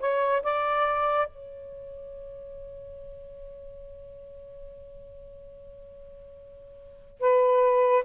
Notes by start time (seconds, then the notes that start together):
0.00 C#5
0.43 D5
1.28 C#5
7.20 B4